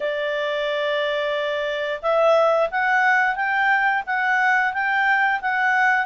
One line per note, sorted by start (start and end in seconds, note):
0.00 2.00 D5
2.02 2.69 E5
2.70 3.35 F#5
3.35 4.03 G5
4.06 4.73 F#5
4.73 5.40 G5
5.41 6.06 F#5